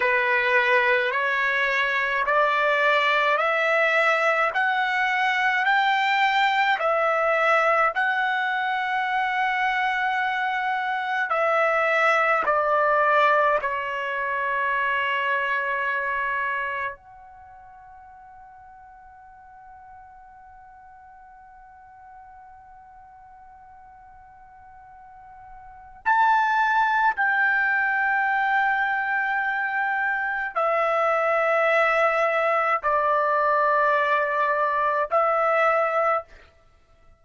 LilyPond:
\new Staff \with { instrumentName = "trumpet" } { \time 4/4 \tempo 4 = 53 b'4 cis''4 d''4 e''4 | fis''4 g''4 e''4 fis''4~ | fis''2 e''4 d''4 | cis''2. fis''4~ |
fis''1~ | fis''2. a''4 | g''2. e''4~ | e''4 d''2 e''4 | }